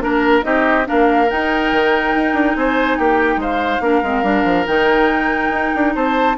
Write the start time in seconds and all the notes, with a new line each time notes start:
0.00 A#3 D4 A#4
0.42 C4 D#4 G4 D#5
0.85 A#3 D4 A#4 F5
1.30 D#4 G5
1.72 D#3
2.15 D#4
2.34 D4
2.56 C4 C5 G#5
2.98 A#3 G4 G5
3.36 G#3 C5 F5
3.80 A#3 D4 A#4
4.03 G#3 C4
4.23 G3 D4
4.44 F3
4.67 D#3 D#4 G5
5.50 D#4
5.75 D4
5.95 C4 C5 A5